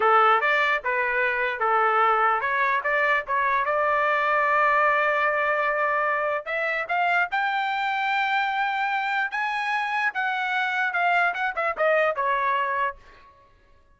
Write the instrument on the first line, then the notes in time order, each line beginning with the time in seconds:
trumpet
0.00 A4
0.41 D5
0.83 B4
1.59 A4
2.40 C#5
2.83 D5
3.27 C#5
3.65 D5
6.45 E5
6.88 F5
7.31 G5
9.31 G#5
10.14 F#5
10.93 F5
11.34 F#5
11.55 E5
11.77 D#5
12.15 C#5